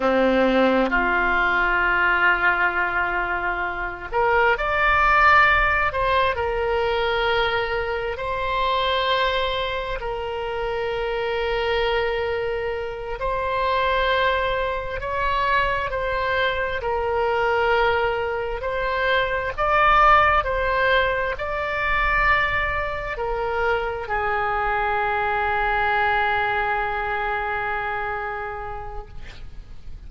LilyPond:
\new Staff \with { instrumentName = "oboe" } { \time 4/4 \tempo 4 = 66 c'4 f'2.~ | f'8 ais'8 d''4. c''8 ais'4~ | ais'4 c''2 ais'4~ | ais'2~ ais'8 c''4.~ |
c''8 cis''4 c''4 ais'4.~ | ais'8 c''4 d''4 c''4 d''8~ | d''4. ais'4 gis'4.~ | gis'1 | }